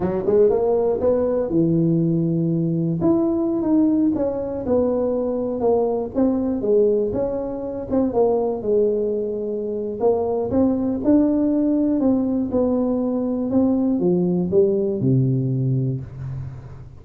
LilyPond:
\new Staff \with { instrumentName = "tuba" } { \time 4/4 \tempo 4 = 120 fis8 gis8 ais4 b4 e4~ | e2 e'4~ e'16 dis'8.~ | dis'16 cis'4 b2 ais8.~ | ais16 c'4 gis4 cis'4. c'16~ |
c'16 ais4 gis2~ gis8. | ais4 c'4 d'2 | c'4 b2 c'4 | f4 g4 c2 | }